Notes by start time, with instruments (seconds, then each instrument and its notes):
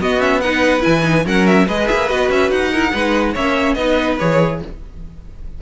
0.00 viola B3, cello B3, violin F#4 D#5
0.20 viola C#4, violin E5
0.41 viola D#4, violin B4 F#5
0.80 cello E3, viola E4, violin G#5
1.02 viola D#4
1.25 cello F#3, viola C#4, violin A#4 F#5
1.47 violin E5
1.66 cello G#3, viola G#4, violin B4 D#5
1.88 cello A#3, violin E5
2.09 cello B3, viola F#4, violin D#5
2.29 cello C#4, violin E5
2.50 cello D#4, violin F#5
2.72 viola E4, violin A#4
2.91 cello G#3, viola D#4, violin B4
3.33 cello A#3, viola C#4, violin C#5 E5
3.74 cello B3, viola D#4, violin B4 D#5
4.19 cello E3, viola G#4, violin C#5